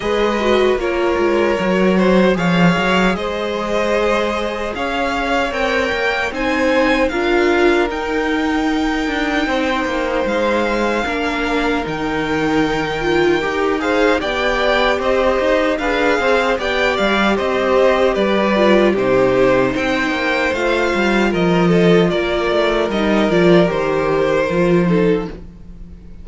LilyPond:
<<
  \new Staff \with { instrumentName = "violin" } { \time 4/4 \tempo 4 = 76 dis''4 cis''2 f''4 | dis''2 f''4 g''4 | gis''4 f''4 g''2~ | g''4 f''2 g''4~ |
g''4. f''8 g''4 dis''4 | f''4 g''8 f''8 dis''4 d''4 | c''4 g''4 f''4 dis''4 | d''4 dis''8 d''8 c''2 | }
  \new Staff \with { instrumentName = "violin" } { \time 4/4 b'4 ais'4. c''8 cis''4 | c''2 cis''2 | c''4 ais'2. | c''2 ais'2~ |
ais'4. c''8 d''4 c''4 | b'8 c''8 d''4 c''4 b'4 | g'4 c''2 ais'8 a'8 | ais'2.~ ais'8 a'8 | }
  \new Staff \with { instrumentName = "viola" } { \time 4/4 gis'8 fis'8 f'4 fis'4 gis'4~ | gis'2. ais'4 | dis'4 f'4 dis'2~ | dis'2 d'4 dis'4~ |
dis'8 f'8 g'8 gis'8 g'2 | gis'4 g'2~ g'8 f'8 | dis'2 f'2~ | f'4 dis'8 f'8 g'4 f'8 dis'8 | }
  \new Staff \with { instrumentName = "cello" } { \time 4/4 gis4 ais8 gis8 fis4 f8 fis8 | gis2 cis'4 c'8 ais8 | c'4 d'4 dis'4. d'8 | c'8 ais8 gis4 ais4 dis4~ |
dis4 dis'4 b4 c'8 dis'8 | d'8 c'8 b8 g8 c'4 g4 | c4 c'8 ais8 a8 g8 f4 | ais8 a8 g8 f8 dis4 f4 | }
>>